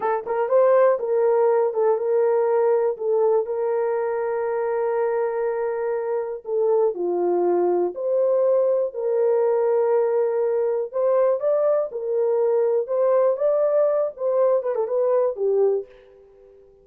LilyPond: \new Staff \with { instrumentName = "horn" } { \time 4/4 \tempo 4 = 121 a'8 ais'8 c''4 ais'4. a'8 | ais'2 a'4 ais'4~ | ais'1~ | ais'4 a'4 f'2 |
c''2 ais'2~ | ais'2 c''4 d''4 | ais'2 c''4 d''4~ | d''8 c''4 b'16 a'16 b'4 g'4 | }